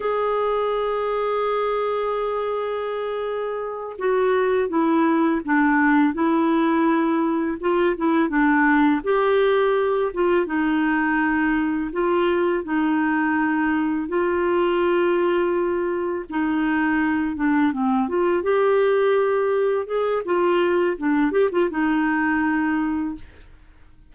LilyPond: \new Staff \with { instrumentName = "clarinet" } { \time 4/4 \tempo 4 = 83 gis'1~ | gis'4. fis'4 e'4 d'8~ | d'8 e'2 f'8 e'8 d'8~ | d'8 g'4. f'8 dis'4.~ |
dis'8 f'4 dis'2 f'8~ | f'2~ f'8 dis'4. | d'8 c'8 f'8 g'2 gis'8 | f'4 d'8 g'16 f'16 dis'2 | }